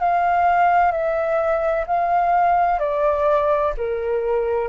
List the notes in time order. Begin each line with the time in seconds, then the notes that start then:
0.00 F5
0.92 E5
1.87 F5
2.80 D5
3.78 A#4